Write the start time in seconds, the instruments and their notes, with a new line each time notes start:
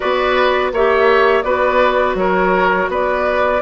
0.00 bassoon B3, clarinet F#4, oboe B4, flute D5
0.72 bassoon A#3, clarinet G4, oboe C#5, flute E5
1.42 bassoon B3, clarinet F#4, oboe B4, flute D5
2.14 bassoon F#3, oboe A#4, flute C#5
2.88 bassoon B3, oboe B4, flute D5